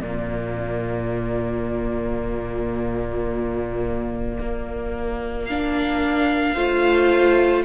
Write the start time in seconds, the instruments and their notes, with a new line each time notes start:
0.00 cello A#2, viola A#3, violin F4 D5
4.40 cello A#3
5.46 viola D4, violin F5
6.54 cello A3, viola F4, violin C5